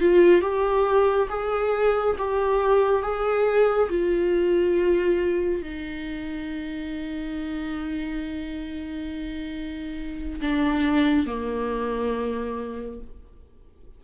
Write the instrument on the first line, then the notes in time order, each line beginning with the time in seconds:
viola
0.00 F4
0.41 G4
1.29 G#4
2.18 G4
3.02 G#4
3.89 F4
5.62 D#4
10.41 D4
11.26 A#3